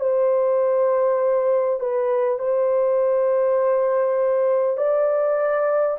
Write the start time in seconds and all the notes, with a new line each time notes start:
0.00 C5
1.79 B4
2.38 C5
4.77 D5